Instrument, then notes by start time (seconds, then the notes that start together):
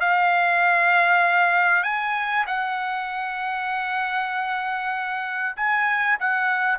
trumpet
0.00 F5
1.83 G#5
2.47 F#5
5.56 G#5
6.20 F#5